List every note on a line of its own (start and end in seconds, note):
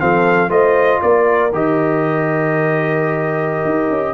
0.00 0.49 F3
0.00 0.49 C4
0.00 0.50 A4
0.00 0.51 F5
0.49 0.99 A3
0.49 1.50 F4
0.49 1.01 C5
0.49 1.01 D#5
1.02 1.53 A#3
1.02 4.15 A#4
1.02 1.53 D5
1.53 3.65 D#3
1.53 4.15 G4
1.53 4.15 D#5
3.65 3.89 D#4
3.89 4.15 C#4